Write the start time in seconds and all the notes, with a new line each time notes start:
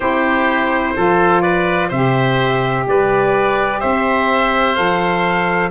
0.00 C4 E4 G4 C5
0.95 F3 F4 A4
1.41 B4 D5
1.88 C3 G4 C5 E5
2.87 G3 B4 D5
3.80 C4 C5 E5
4.75 F3 A4 F5